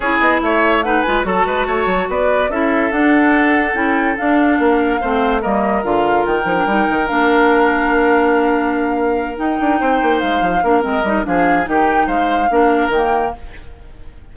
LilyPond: <<
  \new Staff \with { instrumentName = "flute" } { \time 4/4 \tempo 4 = 144 cis''8 dis''8 e''4 fis''8 gis''8 a''4~ | a''4 d''4 e''4 fis''4~ | fis''4 g''4 f''2~ | f''4 dis''4 f''4 g''4~ |
g''4 f''2.~ | f''2~ f''8 g''4.~ | g''8 f''4. dis''4 f''4 | g''4 f''2 g''4 | }
  \new Staff \with { instrumentName = "oboe" } { \time 4/4 gis'4 cis''4 b'4 a'8 b'8 | cis''4 b'4 a'2~ | a'2. ais'4 | c''4 ais'2.~ |
ais'1~ | ais'2.~ ais'8 c''8~ | c''4. ais'4. gis'4 | g'4 c''4 ais'2 | }
  \new Staff \with { instrumentName = "clarinet" } { \time 4/4 e'2 dis'8 f'8 fis'4~ | fis'2 e'4 d'4~ | d'4 e'4 d'2 | c'4 ais4 f'4. dis'16 d'16 |
dis'4 d'2.~ | d'2~ d'8 dis'4.~ | dis'4. d'8 c'8 dis'8 d'4 | dis'2 d'4 ais4 | }
  \new Staff \with { instrumentName = "bassoon" } { \time 4/4 cis'8 b8 a4. gis8 fis8 gis8 | a8 fis8 b4 cis'4 d'4~ | d'4 cis'4 d'4 ais4 | a4 g4 d4 dis8 f8 |
g8 dis8 ais2.~ | ais2~ ais8 dis'8 d'8 c'8 | ais8 gis8 f8 ais8 gis8 g8 f4 | dis4 gis4 ais4 dis4 | }
>>